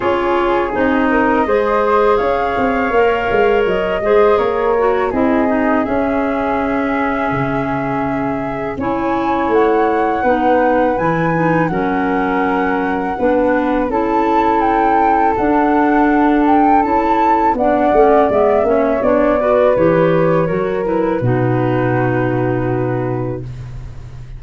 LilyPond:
<<
  \new Staff \with { instrumentName = "flute" } { \time 4/4 \tempo 4 = 82 cis''4 dis''2 f''4~ | f''4 dis''4 cis''4 dis''4 | e''1 | gis''4 fis''2 gis''4 |
fis''2. a''4 | g''4 fis''4. g''8 a''4 | fis''4 e''4 d''4 cis''4~ | cis''8 b'2.~ b'8 | }
  \new Staff \with { instrumentName = "flute" } { \time 4/4 gis'4. ais'8 c''4 cis''4~ | cis''4. c''8 ais'4 gis'4~ | gis'1 | cis''2 b'2 |
ais'2 b'4 a'4~ | a'1 | d''4. cis''4 b'4. | ais'4 fis'2. | }
  \new Staff \with { instrumentName = "clarinet" } { \time 4/4 f'4 dis'4 gis'2 | ais'4. gis'4 fis'8 e'8 dis'8 | cis'1 | e'2 dis'4 e'8 dis'8 |
cis'2 d'4 e'4~ | e'4 d'2 e'4 | d'8 cis'8 b8 cis'8 d'8 fis'8 g'4 | fis'8 e'8 dis'2. | }
  \new Staff \with { instrumentName = "tuba" } { \time 4/4 cis'4 c'4 gis4 cis'8 c'8 | ais8 gis8 fis8 gis8 ais4 c'4 | cis'2 cis2 | cis'4 a4 b4 e4 |
fis2 b4 cis'4~ | cis'4 d'2 cis'4 | b8 a8 gis8 ais8 b4 e4 | fis4 b,2. | }
>>